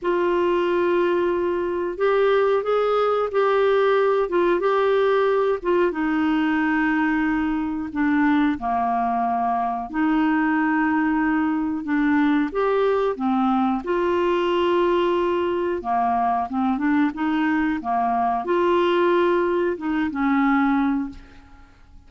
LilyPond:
\new Staff \with { instrumentName = "clarinet" } { \time 4/4 \tempo 4 = 91 f'2. g'4 | gis'4 g'4. f'8 g'4~ | g'8 f'8 dis'2. | d'4 ais2 dis'4~ |
dis'2 d'4 g'4 | c'4 f'2. | ais4 c'8 d'8 dis'4 ais4 | f'2 dis'8 cis'4. | }